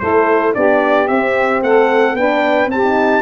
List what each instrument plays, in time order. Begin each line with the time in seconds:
0.00 tuba A3, horn E4, saxophone A4, trumpet C5
0.54 tuba B3, horn D4, saxophone G4, trumpet D5
1.08 tuba C4, horn C4, trumpet E5
1.63 tuba A3, saxophone A4, trumpet F#5
2.14 tuba B3, horn D4, saxophone B4, trumpet G5
2.66 tuba C4, horn C4, saxophone G4, trumpet A5
2.83 horn D#4